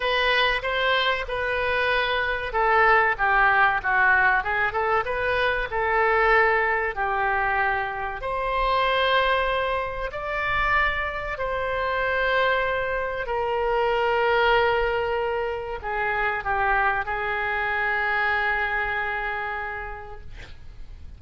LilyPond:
\new Staff \with { instrumentName = "oboe" } { \time 4/4 \tempo 4 = 95 b'4 c''4 b'2 | a'4 g'4 fis'4 gis'8 a'8 | b'4 a'2 g'4~ | g'4 c''2. |
d''2 c''2~ | c''4 ais'2.~ | ais'4 gis'4 g'4 gis'4~ | gis'1 | }